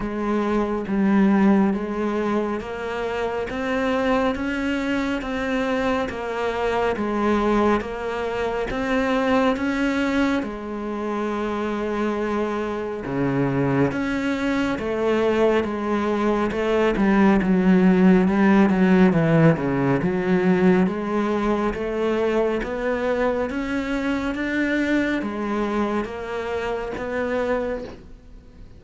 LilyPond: \new Staff \with { instrumentName = "cello" } { \time 4/4 \tempo 4 = 69 gis4 g4 gis4 ais4 | c'4 cis'4 c'4 ais4 | gis4 ais4 c'4 cis'4 | gis2. cis4 |
cis'4 a4 gis4 a8 g8 | fis4 g8 fis8 e8 cis8 fis4 | gis4 a4 b4 cis'4 | d'4 gis4 ais4 b4 | }